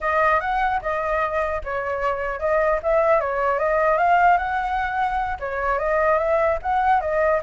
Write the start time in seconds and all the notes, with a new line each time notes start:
0.00 D#5
0.40 F#5
0.81 D#5
1.64 C#5
2.39 D#5
2.82 E5
3.20 C#5
3.58 D#5
3.97 F5
4.37 F#5
5.39 C#5
5.78 D#5
6.18 E5
6.62 F#5
7.00 D#5